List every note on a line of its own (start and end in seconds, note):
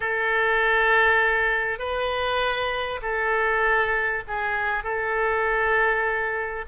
0.00 1.79 A4
1.79 3.00 B4
3.02 4.23 A4
4.27 4.83 G#4
4.83 6.65 A4